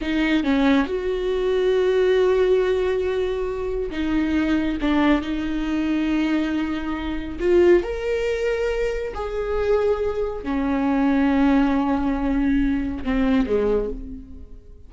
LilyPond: \new Staff \with { instrumentName = "viola" } { \time 4/4 \tempo 4 = 138 dis'4 cis'4 fis'2~ | fis'1~ | fis'4 dis'2 d'4 | dis'1~ |
dis'4 f'4 ais'2~ | ais'4 gis'2. | cis'1~ | cis'2 c'4 gis4 | }